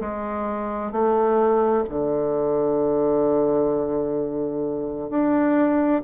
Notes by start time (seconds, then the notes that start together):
0.00 G#3
0.91 A3
1.89 D3
5.10 D4